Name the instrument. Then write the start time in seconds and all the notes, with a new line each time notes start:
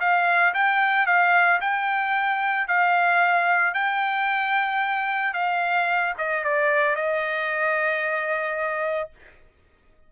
trumpet
0.00 F5
0.54 G5
1.06 F5
1.61 G5
2.68 F5
3.74 G5
5.34 F5
6.18 D#5
6.44 D5
6.96 D#5